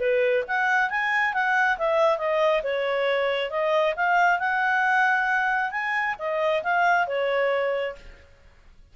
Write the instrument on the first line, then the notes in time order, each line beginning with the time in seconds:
clarinet
0.00 B4
0.48 F#5
0.90 G#5
1.34 F#5
1.78 E5
2.18 D#5
2.63 C#5
3.50 D#5
3.96 F5
4.39 F#5
5.71 G#5
6.19 D#5
6.63 F5
7.07 C#5